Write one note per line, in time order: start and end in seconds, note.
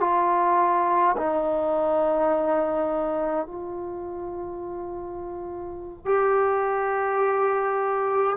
0.00 1.15 F4
1.16 3.46 D#4
3.46 6.05 F4
6.05 8.36 G4